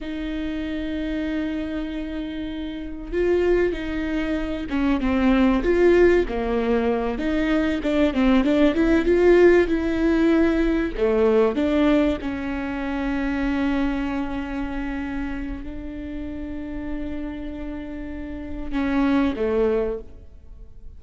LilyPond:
\new Staff \with { instrumentName = "viola" } { \time 4/4 \tempo 4 = 96 dis'1~ | dis'4 f'4 dis'4. cis'8 | c'4 f'4 ais4. dis'8~ | dis'8 d'8 c'8 d'8 e'8 f'4 e'8~ |
e'4. a4 d'4 cis'8~ | cis'1~ | cis'4 d'2.~ | d'2 cis'4 a4 | }